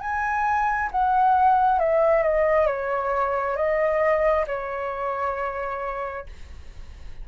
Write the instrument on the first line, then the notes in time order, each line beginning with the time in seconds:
flute
0.00 G#5
0.91 F#5
1.79 E5
2.22 D#5
2.66 C#5
3.56 D#5
4.47 C#5